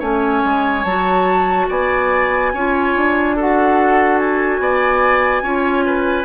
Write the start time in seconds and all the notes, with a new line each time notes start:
0.00 A3 C#4 C#5 G#5
0.44 G#3
0.84 F#3 F#4 A5
1.69 B3 D5 G#5
2.54 C#4 F4 C#5
2.96 D4
3.36 F#4 A4 F#5
4.19 G#5
4.60 B3 D5
5.42 C#4 F4 C#5
5.86 B4